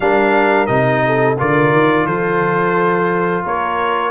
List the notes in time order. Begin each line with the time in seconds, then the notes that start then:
0.00 G3 D4 A#4 F5
0.66 C3 D#4 D#5
1.06 A4
1.38 D3 F4 A#4 D5
1.72 D#3
2.05 F3 A4 C5
3.44 A#3 A#4 C#5